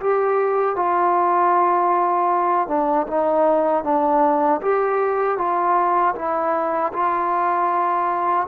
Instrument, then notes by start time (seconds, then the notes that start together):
trombone
0.00 G4
0.76 F4
2.68 D4
3.07 D#4
3.84 D4
4.62 G4
5.38 F4
6.15 E4
6.93 F4